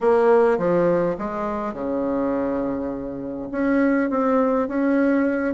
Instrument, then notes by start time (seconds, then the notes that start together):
bassoon
0.00 A#3
0.57 F3
1.18 G#3
1.73 C#3
3.51 C#4
4.10 C4
4.68 C#4